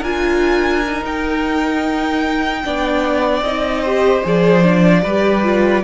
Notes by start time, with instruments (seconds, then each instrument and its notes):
0.00 cello D4, viola F4, violin A#4 G#5
0.86 viola D#4
1.04 cello D#4, violin G5
2.64 cello B3, viola D4, violin D5
3.42 cello C4, viola D#4, violin D#5
3.81 viola G4, violin C5
4.24 cello F3, viola G#4, violin D5
4.63 viola D4
5.04 cello G3, viola G4, violin B4
5.44 viola F4